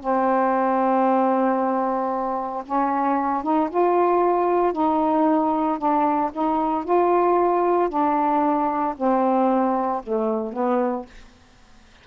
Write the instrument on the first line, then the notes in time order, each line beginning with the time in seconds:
saxophone
0.00 C4
2.65 C#4
3.43 D#4
3.70 F4
4.72 D#4
5.78 D4
6.33 D#4
6.84 F4
7.89 D4
8.97 C4
10.03 A3
10.52 B3